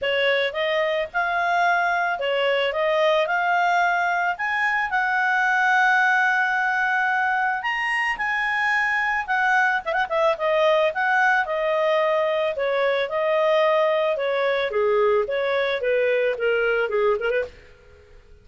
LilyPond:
\new Staff \with { instrumentName = "clarinet" } { \time 4/4 \tempo 4 = 110 cis''4 dis''4 f''2 | cis''4 dis''4 f''2 | gis''4 fis''2.~ | fis''2 ais''4 gis''4~ |
gis''4 fis''4 e''16 fis''16 e''8 dis''4 | fis''4 dis''2 cis''4 | dis''2 cis''4 gis'4 | cis''4 b'4 ais'4 gis'8 ais'16 b'16 | }